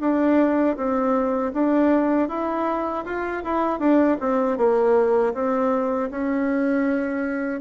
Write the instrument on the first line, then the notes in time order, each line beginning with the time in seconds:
bassoon
0.00 D4
0.76 C4
1.53 D4
2.29 E4
3.05 F4
3.44 E4
3.79 D4
4.20 C4
4.57 A#3
5.34 C4
6.11 C#4